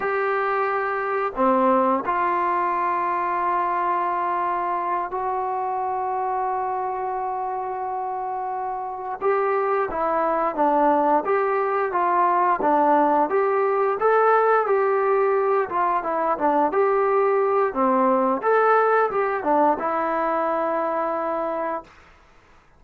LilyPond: \new Staff \with { instrumentName = "trombone" } { \time 4/4 \tempo 4 = 88 g'2 c'4 f'4~ | f'2.~ f'8 fis'8~ | fis'1~ | fis'4. g'4 e'4 d'8~ |
d'8 g'4 f'4 d'4 g'8~ | g'8 a'4 g'4. f'8 e'8 | d'8 g'4. c'4 a'4 | g'8 d'8 e'2. | }